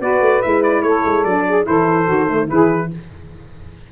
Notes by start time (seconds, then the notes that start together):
0.00 B3 F#4 B4 D5
0.20 A3
0.42 G#3 E4 E5
0.63 D5
0.82 A3 A4 C#5
1.05 G#3
1.24 F#3 D4 D5
1.47 G#4
1.63 E3 E4 A4 C5
2.06 D#3 F#4
2.26 A3
2.48 E3 E4 G#4 B4